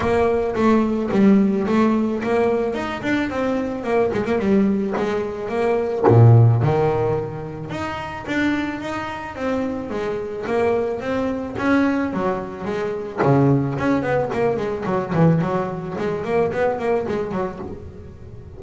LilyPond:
\new Staff \with { instrumentName = "double bass" } { \time 4/4 \tempo 4 = 109 ais4 a4 g4 a4 | ais4 dis'8 d'8 c'4 ais8 gis16 ais16 | g4 gis4 ais4 ais,4 | dis2 dis'4 d'4 |
dis'4 c'4 gis4 ais4 | c'4 cis'4 fis4 gis4 | cis4 cis'8 b8 ais8 gis8 fis8 e8 | fis4 gis8 ais8 b8 ais8 gis8 fis8 | }